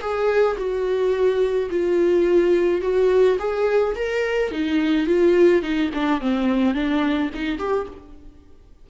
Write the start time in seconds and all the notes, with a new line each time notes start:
0.00 G#4
0.57 F#4
1.69 F4
2.81 F#4
3.38 G#4
3.95 A#4
4.51 D#4
5.06 F4
5.62 D#4
5.93 D4
6.20 C4
6.74 D4
7.34 D#4
7.58 G4